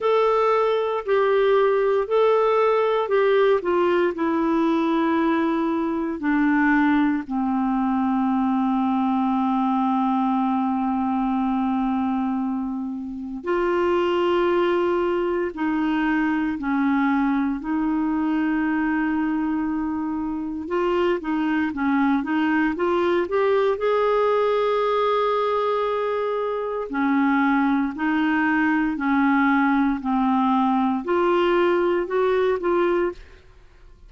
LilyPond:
\new Staff \with { instrumentName = "clarinet" } { \time 4/4 \tempo 4 = 58 a'4 g'4 a'4 g'8 f'8 | e'2 d'4 c'4~ | c'1~ | c'4 f'2 dis'4 |
cis'4 dis'2. | f'8 dis'8 cis'8 dis'8 f'8 g'8 gis'4~ | gis'2 cis'4 dis'4 | cis'4 c'4 f'4 fis'8 f'8 | }